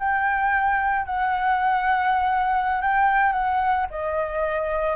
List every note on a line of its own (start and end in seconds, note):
0.00 1.06 G5
1.06 2.82 F#5
2.82 3.33 G5
3.33 3.87 F#5
3.91 4.97 D#5